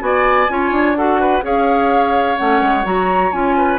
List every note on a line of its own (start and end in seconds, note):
0.00 0.49 B3
0.00 0.47 F#4
0.00 0.52 D5
0.00 0.96 G#5
0.49 0.71 C#4
0.49 0.97 F4
0.49 0.98 C#5
0.71 1.42 D4
0.96 1.43 F#4
0.96 1.21 A4
0.96 1.43 F#5
1.21 1.44 B4
1.43 2.38 C#4
1.43 2.37 G#4
1.43 3.57 C#5
1.43 2.38 F5
2.37 2.62 A3
2.37 2.84 C#4
2.37 2.85 F#5
2.62 2.85 G#3
2.84 3.32 F#3
2.84 3.31 F#4
2.84 3.32 A#5
3.32 3.80 C#4
3.32 3.80 F4
3.32 3.80 G#5
3.58 3.80 B4